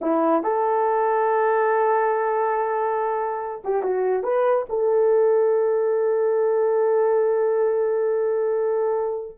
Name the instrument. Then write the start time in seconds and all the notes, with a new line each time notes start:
horn
0.01 E4
0.43 A4
3.64 G4
3.82 F#4
4.23 B4
4.69 A4